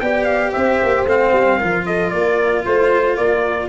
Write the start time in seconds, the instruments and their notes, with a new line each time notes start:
0.00 tuba B3, cello G4, horn D5, trumpet G5
0.25 trumpet F5
0.52 tuba C4, horn C5, trumpet E5
0.83 tuba A#3
1.05 tuba A3, cello C4, trumpet F5
1.33 tuba G3
1.58 tuba F3, cello F4, horn A#4
1.86 horn A4, trumpet D#5
2.10 tuba A#3, horn A#4, trumpet D5
2.66 tuba A3, trumpet C5, horn C5
3.17 tuba A#3, horn A#4, trumpet D5